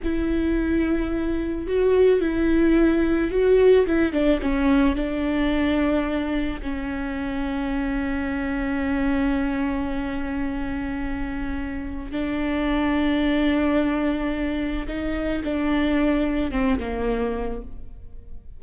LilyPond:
\new Staff \with { instrumentName = "viola" } { \time 4/4 \tempo 4 = 109 e'2. fis'4 | e'2 fis'4 e'8 d'8 | cis'4 d'2. | cis'1~ |
cis'1~ | cis'2 d'2~ | d'2. dis'4 | d'2 c'8 ais4. | }